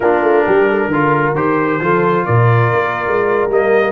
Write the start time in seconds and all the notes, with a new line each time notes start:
0.00 A#3 D4 F4 A#4
0.22 A3
0.45 G3 G4
0.68 A4
0.87 D3 F4 A#4
1.34 D#3 G4 C5
1.80 F3 F4 A4
2.25 A#2 A#4 D5
2.72 A#3
3.07 G#3
3.48 G3 A#3 D#5